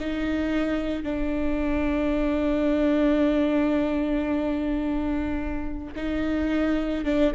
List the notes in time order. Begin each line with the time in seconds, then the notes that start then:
0.00 D#4
1.03 D4
5.96 D#4
7.05 D4